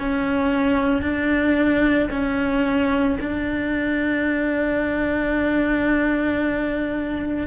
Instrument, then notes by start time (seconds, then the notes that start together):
cello
0.00 C#4
1.02 D4
2.11 C#4
3.20 D4